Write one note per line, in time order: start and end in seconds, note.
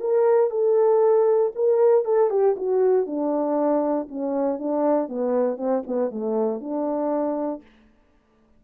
0.00 0.51 A#4
0.51 1.52 A4
1.55 2.05 A#4
2.05 2.30 A4
2.30 2.55 G4
2.57 3.06 F#4
3.06 4.08 D4
4.08 4.59 C#4
4.59 5.08 D4
5.08 5.57 B3
5.57 5.83 C4
5.87 6.11 B3
6.11 6.60 A3
6.60 7.62 D4